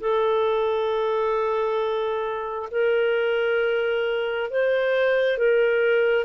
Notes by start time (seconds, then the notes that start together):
0.00 A4
2.71 A#4
4.50 C5
5.37 A#4